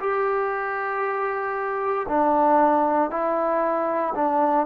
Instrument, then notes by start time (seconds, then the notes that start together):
trombone
0.00 G4
2.09 D4
3.10 E4
4.15 D4